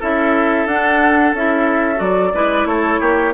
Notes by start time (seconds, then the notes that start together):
0.00 C#4 E4 A4 E5
0.66 D4 F#5
1.34 C#4 E4 E5
1.96 F#3 F#4 D5
2.35 G#3 E4 B4
2.66 A3 A4 C#5
3.01 A#3 G4